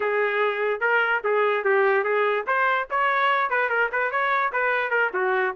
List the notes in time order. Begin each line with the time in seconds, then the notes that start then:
0.00 G#4
0.80 A#4
1.23 G#4
1.64 G4
2.03 G#4
2.47 C5
2.90 C#5
3.50 B4
3.69 A#4
3.92 B4
4.11 C#5
4.52 B4
4.90 A#4
5.13 F#4